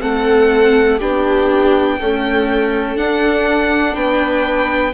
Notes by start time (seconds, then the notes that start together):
0.00 A3 C4 A4 F#5
0.99 B3 D4 G4 G5
2.00 A3 C#4 A4
2.96 D4 F#5
3.95 B3 B4 G5